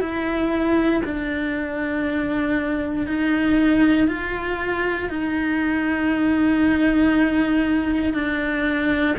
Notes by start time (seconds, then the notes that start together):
0.00 E4
1.04 D4
3.06 D#4
4.08 F4
5.09 D#4
8.14 D4